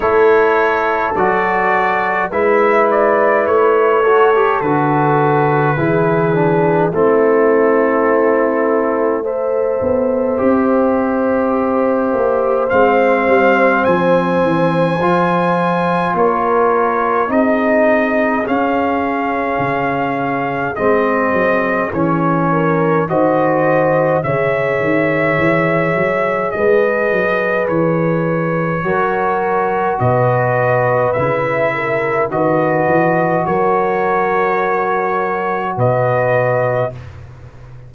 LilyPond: <<
  \new Staff \with { instrumentName = "trumpet" } { \time 4/4 \tempo 4 = 52 cis''4 d''4 e''8 d''8 cis''4 | b'2 a'2 | e''2. f''4 | gis''2 cis''4 dis''4 |
f''2 dis''4 cis''4 | dis''4 e''2 dis''4 | cis''2 dis''4 e''4 | dis''4 cis''2 dis''4 | }
  \new Staff \with { instrumentName = "horn" } { \time 4/4 a'2 b'4. a'8~ | a'4 gis'4 e'2 | c''1~ | c''2 ais'4 gis'4~ |
gis'2.~ gis'8 ais'8 | c''4 cis''2 b'4~ | b'4 ais'4 b'4. ais'8 | b'4 ais'2 b'4 | }
  \new Staff \with { instrumentName = "trombone" } { \time 4/4 e'4 fis'4 e'4. fis'16 g'16 | fis'4 e'8 d'8 c'2 | a'4 g'2 c'4~ | c'4 f'2 dis'4 |
cis'2 c'4 cis'4 | fis'4 gis'2.~ | gis'4 fis'2 e'4 | fis'1 | }
  \new Staff \with { instrumentName = "tuba" } { \time 4/4 a4 fis4 gis4 a4 | d4 e4 a2~ | a8 b8 c'4. ais8 gis8 g8 | f8 e8 f4 ais4 c'4 |
cis'4 cis4 gis8 fis8 e4 | dis4 cis8 dis8 e8 fis8 gis8 fis8 | e4 fis4 b,4 cis4 | dis8 e8 fis2 b,4 | }
>>